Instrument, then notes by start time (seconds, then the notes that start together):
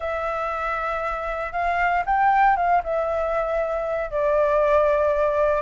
flute
0.00 E5
1.52 F5
2.05 G5
2.56 F5
2.83 E5
4.10 D5